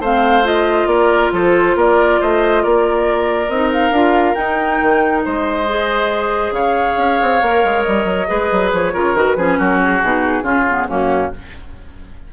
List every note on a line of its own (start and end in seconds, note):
0.00 0.87 A3
0.00 0.44 C4
0.00 0.88 C5
0.00 0.46 F5
0.44 3.48 F4
0.44 0.87 D#5
0.87 1.30 A#3
0.87 1.33 A#4
0.87 1.31 D5
1.32 1.76 F3
1.32 1.77 A4
1.32 1.79 C5
1.76 2.19 A#3
1.76 2.20 A#4
1.76 2.22 D5
2.20 2.65 A3
2.20 2.63 C5
2.20 2.63 D#5
2.63 3.49 A#3
2.63 5.24 A#4
2.63 3.50 D5
3.49 3.91 C4
3.49 3.94 D#4
3.49 3.71 D#5
3.73 4.35 F5
3.91 4.34 D4
3.91 4.36 F4
4.35 5.66 D#4
4.35 4.80 D#4
4.35 5.22 G5
4.82 5.26 D#3
5.25 6.51 G#3
5.25 6.54 C5
5.25 6.53 D#5
5.69 7.43 G#4
6.51 6.95 C#3
6.51 8.28 C#5
6.51 7.83 F5
6.98 7.19 C#4
7.22 7.42 C4
7.42 7.64 A#3
7.42 8.28 A#4
7.64 7.86 G#3
7.83 8.05 G3
7.83 8.70 D#5
8.05 8.27 F#3
8.28 8.52 G#3
8.28 8.93 G#4
8.28 8.93 B4
8.52 8.73 F#3
8.73 8.95 F3
8.73 9.17 C#5
8.93 9.15 C#3
8.93 9.16 F4
8.93 9.37 A#4
9.15 9.36 D#3
9.15 9.37 F#4
9.15 9.59 B4
9.37 9.58 F3
9.37 10.03 C#4
9.37 9.58 G#4
9.58 10.02 F#3
9.58 10.44 F#4
9.58 9.81 A#4
9.83 10.90 G#4
10.02 10.43 B2
10.02 10.43 D#4
10.43 10.86 C#3
10.43 10.64 C#4
10.43 10.87 F4
10.70 10.88 B3
10.88 11.33 F#2
10.88 11.31 A#3
10.88 11.32 C#4
10.88 11.33 F#4